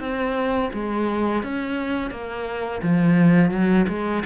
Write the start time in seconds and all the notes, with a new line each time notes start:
0.00 C4
0.74 G#3
1.44 C#4
2.11 A#3
2.83 F3
3.51 F#3
3.89 G#3